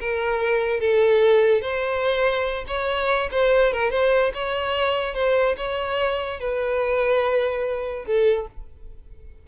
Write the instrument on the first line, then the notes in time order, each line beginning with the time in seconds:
violin
0.00 A#4
0.80 A4
1.61 C5
2.68 C#5
3.32 C5
3.73 A#4
3.91 C5
4.34 C#5
5.14 C5
5.57 C#5
6.40 B4
8.06 A4